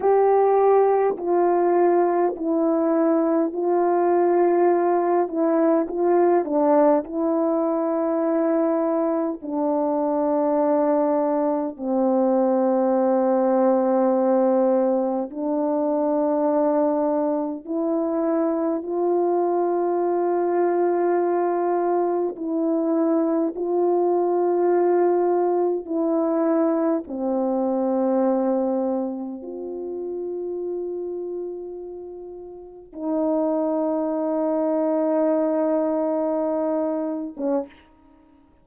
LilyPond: \new Staff \with { instrumentName = "horn" } { \time 4/4 \tempo 4 = 51 g'4 f'4 e'4 f'4~ | f'8 e'8 f'8 d'8 e'2 | d'2 c'2~ | c'4 d'2 e'4 |
f'2. e'4 | f'2 e'4 c'4~ | c'4 f'2. | dis'2.~ dis'8. cis'16 | }